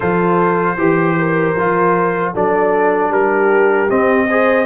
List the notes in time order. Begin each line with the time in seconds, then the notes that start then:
0.00 F3 F4 A4 C5
0.77 E3 G4
1.18 A#4
1.55 F3 F4
2.33 F#3 D4 A4 D5
3.09 G3 G4 A#4
3.89 C4 D#5
4.27 G#4 C5